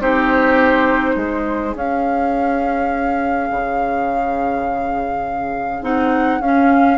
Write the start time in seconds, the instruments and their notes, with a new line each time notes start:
0.00 bassoon C4, clarinet D#4, oboe G4, flute C5
1.15 bassoon G#3, oboe G#4
1.75 bassoon C#4, clarinet C#4, flute F5
3.51 bassoon C#3
5.82 bassoon C4, clarinet D#4, flute F#5
6.40 bassoon C#4, clarinet C#4, flute F5